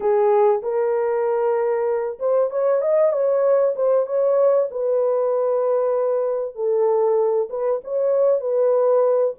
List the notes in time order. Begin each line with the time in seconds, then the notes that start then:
0.00 G#4
0.62 A#4
2.19 C5
2.50 C#5
2.81 D#5
3.12 C#5
3.75 C5
4.06 C#5
4.70 B4
6.55 A4
7.49 B4
7.84 C#5
8.40 B4